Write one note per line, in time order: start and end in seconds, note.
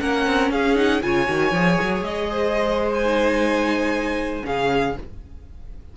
0.00 0.26 A#3
0.00 0.76 C#4
0.00 0.52 A#4
0.00 0.51 F#5
0.26 0.51 C4
0.51 1.02 C#4
0.51 1.03 G#4
0.51 0.77 F5
0.76 1.01 D#4
0.76 1.02 F#5
1.01 1.28 C#3
1.01 1.27 F4
1.01 2.31 C#5
1.01 2.04 G#5
1.27 1.52 D#3
1.27 1.52 F#4
1.52 1.77 F3
1.52 3.05 G#4
1.81 2.01 F#3
2.01 4.43 G#3
2.01 2.93 D#5
2.31 4.46 C5
2.94 4.46 G#5
3.05 4.43 D#4
4.43 4.97 C#3
4.43 4.94 C#4
4.43 4.97 G#4
4.43 4.97 F5